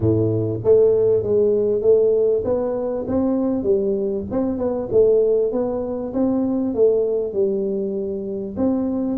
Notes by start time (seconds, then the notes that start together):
0.00 A2
0.64 A3
1.22 G#3
1.81 A3
2.44 B3
3.07 C4
3.63 G3
4.31 C4
4.58 B3
4.91 A3
5.52 B3
6.13 C4
6.74 A3
7.33 G3
8.56 C4